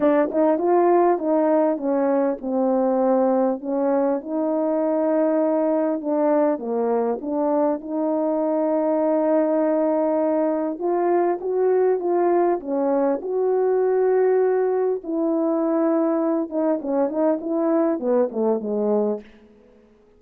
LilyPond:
\new Staff \with { instrumentName = "horn" } { \time 4/4 \tempo 4 = 100 d'8 dis'8 f'4 dis'4 cis'4 | c'2 cis'4 dis'4~ | dis'2 d'4 ais4 | d'4 dis'2.~ |
dis'2 f'4 fis'4 | f'4 cis'4 fis'2~ | fis'4 e'2~ e'8 dis'8 | cis'8 dis'8 e'4 b8 a8 gis4 | }